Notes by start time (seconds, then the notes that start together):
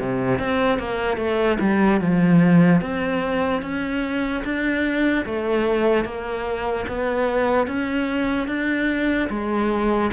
0.00 C3
0.39 C4
0.79 A#3
1.18 A3
1.61 G3
2.01 F3
2.82 C4
3.62 C#4
4.44 D4
5.26 A3
6.05 A#3
6.88 B3
7.68 C#4
8.48 D4
9.30 G#3